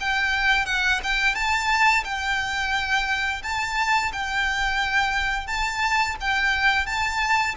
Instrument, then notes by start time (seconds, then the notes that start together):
violin
0.00 G5
0.66 F#5
1.03 G5
1.35 A5
2.04 G5
3.43 A5
4.13 G5
5.47 A5
6.20 G5
6.86 A5